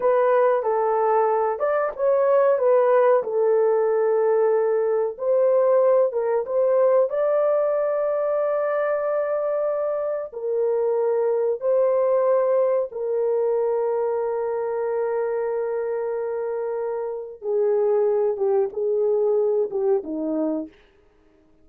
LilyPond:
\new Staff \with { instrumentName = "horn" } { \time 4/4 \tempo 4 = 93 b'4 a'4. d''8 cis''4 | b'4 a'2. | c''4. ais'8 c''4 d''4~ | d''1 |
ais'2 c''2 | ais'1~ | ais'2. gis'4~ | gis'8 g'8 gis'4. g'8 dis'4 | }